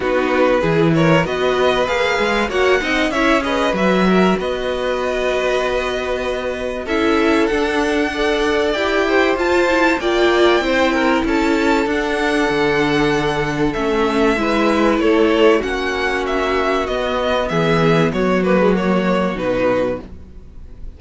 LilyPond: <<
  \new Staff \with { instrumentName = "violin" } { \time 4/4 \tempo 4 = 96 b'4. cis''8 dis''4 f''4 | fis''4 e''8 dis''8 e''4 dis''4~ | dis''2. e''4 | fis''2 g''4 a''4 |
g''2 a''4 fis''4~ | fis''2 e''2 | cis''4 fis''4 e''4 dis''4 | e''4 cis''8 b'8 cis''4 b'4 | }
  \new Staff \with { instrumentName = "violin" } { \time 4/4 fis'4 gis'8 ais'8 b'2 | cis''8 dis''8 cis''8 b'4 ais'8 b'4~ | b'2. a'4~ | a'4 d''4. c''4. |
d''4 c''8 ais'8 a'2~ | a'2. b'4 | a'4 fis'2. | gis'4 fis'2. | }
  \new Staff \with { instrumentName = "viola" } { \time 4/4 dis'4 e'4 fis'4 gis'4 | fis'8 dis'8 e'8 gis'8 fis'2~ | fis'2. e'4 | d'4 a'4 g'4 f'8 e'8 |
f'4 e'2 d'4~ | d'2 cis'4 e'4~ | e'4 cis'2 b4~ | b4. ais16 gis16 ais4 dis'4 | }
  \new Staff \with { instrumentName = "cello" } { \time 4/4 b4 e4 b4 ais8 gis8 | ais8 c'8 cis'4 fis4 b4~ | b2. cis'4 | d'2 e'4 f'4 |
ais4 c'4 cis'4 d'4 | d2 a4 gis4 | a4 ais2 b4 | e4 fis2 b,4 | }
>>